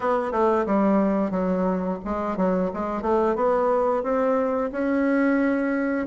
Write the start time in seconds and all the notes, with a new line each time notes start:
0.00 B3
0.31 A3
0.66 G3
1.31 F#3
2.04 G#3
2.37 F#3
2.73 G#3
3.02 A3
3.35 B3
4.03 C4
4.72 C#4